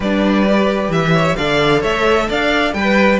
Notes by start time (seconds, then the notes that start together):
0.00 G3 D4 B4 D5
0.48 G4
0.88 E3 E5
1.13 C#5
1.36 D3 A4 D5 F5
1.80 A3 C#5 E5
2.29 D4 D5 F5
2.73 G3 B4 G5